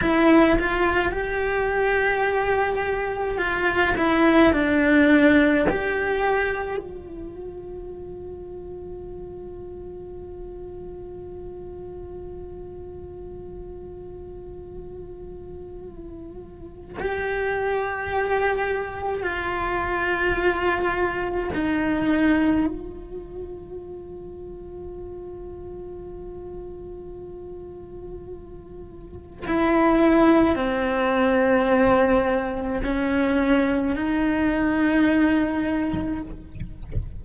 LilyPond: \new Staff \with { instrumentName = "cello" } { \time 4/4 \tempo 4 = 53 e'8 f'8 g'2 f'8 e'8 | d'4 g'4 f'2~ | f'1~ | f'2. g'4~ |
g'4 f'2 dis'4 | f'1~ | f'2 e'4 c'4~ | c'4 cis'4 dis'2 | }